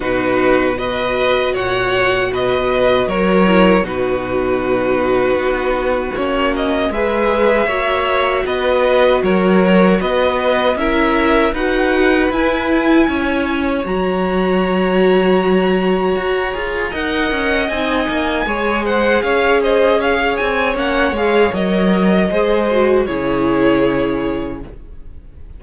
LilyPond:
<<
  \new Staff \with { instrumentName = "violin" } { \time 4/4 \tempo 4 = 78 b'4 dis''4 fis''4 dis''4 | cis''4 b'2. | cis''8 dis''8 e''2 dis''4 | cis''4 dis''4 e''4 fis''4 |
gis''2 ais''2~ | ais''2 fis''4 gis''4~ | gis''8 fis''8 f''8 dis''8 f''8 gis''8 fis''8 f''8 | dis''2 cis''2 | }
  \new Staff \with { instrumentName = "violin" } { \time 4/4 fis'4 b'4 cis''4 b'4 | ais'4 fis'2.~ | fis'4 b'4 cis''4 b'4 | ais'4 b'4 ais'4 b'4~ |
b'4 cis''2.~ | cis''2 dis''2 | cis''8 c''8 cis''8 c''8 cis''2~ | cis''4 c''4 gis'2 | }
  \new Staff \with { instrumentName = "viola" } { \time 4/4 dis'4 fis'2.~ | fis'8 e'8 dis'2. | cis'4 gis'4 fis'2~ | fis'2 e'4 fis'4 |
e'2 fis'2~ | fis'4. gis'8 ais'4 dis'4 | gis'2. cis'8 gis'8 | ais'4 gis'8 fis'8 e'2 | }
  \new Staff \with { instrumentName = "cello" } { \time 4/4 b,2 ais,4 b,4 | fis4 b,2 b4 | ais4 gis4 ais4 b4 | fis4 b4 cis'4 dis'4 |
e'4 cis'4 fis2~ | fis4 fis'8 f'8 dis'8 cis'8 c'8 ais8 | gis4 cis'4. c'8 ais8 gis8 | fis4 gis4 cis2 | }
>>